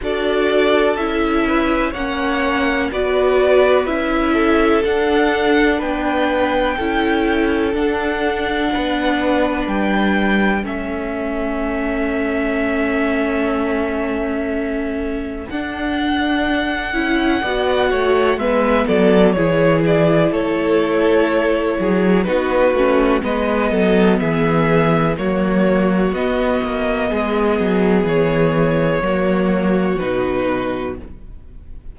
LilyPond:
<<
  \new Staff \with { instrumentName = "violin" } { \time 4/4 \tempo 4 = 62 d''4 e''4 fis''4 d''4 | e''4 fis''4 g''2 | fis''2 g''4 e''4~ | e''1 |
fis''2. e''8 d''8 | cis''8 d''8 cis''2 b'4 | dis''4 e''4 cis''4 dis''4~ | dis''4 cis''2 b'4 | }
  \new Staff \with { instrumentName = "violin" } { \time 4/4 a'4. b'8 cis''4 b'4~ | b'8 a'4. b'4 a'4~ | a'4 b'2 a'4~ | a'1~ |
a'2 d''8 cis''8 b'8 a'8 | gis'4 a'4. gis'8 fis'4 | b'8 a'8 gis'4 fis'2 | gis'2 fis'2 | }
  \new Staff \with { instrumentName = "viola" } { \time 4/4 fis'4 e'4 cis'4 fis'4 | e'4 d'2 e'4 | d'2. cis'4~ | cis'1 |
d'4. e'8 fis'4 b4 | e'2. dis'8 cis'8 | b2 ais4 b4~ | b2 ais4 dis'4 | }
  \new Staff \with { instrumentName = "cello" } { \time 4/4 d'4 cis'4 ais4 b4 | cis'4 d'4 b4 cis'4 | d'4 b4 g4 a4~ | a1 |
d'4. cis'8 b8 a8 gis8 fis8 | e4 a4. fis8 b8 a8 | gis8 fis8 e4 fis4 b8 ais8 | gis8 fis8 e4 fis4 b,4 | }
>>